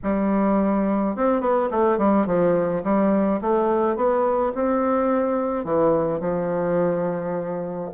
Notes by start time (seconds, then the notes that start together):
0.03 G3
1.16 C4
1.40 B3
1.70 A3
1.98 G3
2.26 F3
2.83 G3
3.41 A3
3.95 B3
4.54 C4
5.64 E3
6.20 F3